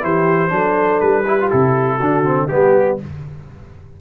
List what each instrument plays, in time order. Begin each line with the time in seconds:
0.00 tuba E3, trombone E4, horn G4, trumpet C5
0.49 tuba F#3, trombone D4, horn A4
1.00 tuba G3, trumpet B4
1.27 trombone E4, horn G4
1.40 trombone F4
1.50 tuba C3, trombone E4, trumpet A4
1.96 tuba D3, trombone D4, horn F#4
2.24 trombone C4
2.47 tuba G3, trombone B3, trumpet G4, horn G4